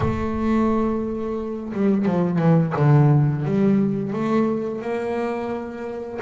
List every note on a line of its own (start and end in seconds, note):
0.00 1.72 A3
1.72 2.05 G3
2.05 2.38 F3
2.38 2.73 E3
2.76 3.44 D3
3.44 4.12 G3
4.12 4.81 A3
4.81 6.19 A#3